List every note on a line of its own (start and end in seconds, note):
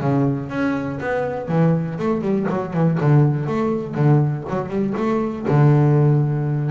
0.00 0.49 C#3
0.49 0.99 C#4
1.00 1.48 B3
1.48 1.97 E3
1.99 2.21 A3
2.21 2.46 G3
2.49 2.73 F#3
2.73 2.98 E3
3.00 3.46 D3
3.46 3.94 A3
3.94 4.44 D3
4.49 4.69 F#3
4.69 4.94 G3
4.97 5.46 A3
5.47 6.71 D3